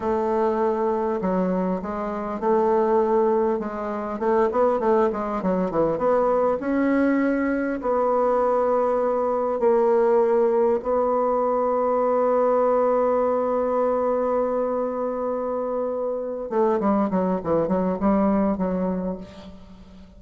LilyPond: \new Staff \with { instrumentName = "bassoon" } { \time 4/4 \tempo 4 = 100 a2 fis4 gis4 | a2 gis4 a8 b8 | a8 gis8 fis8 e8 b4 cis'4~ | cis'4 b2. |
ais2 b2~ | b1~ | b2.~ b8 a8 | g8 fis8 e8 fis8 g4 fis4 | }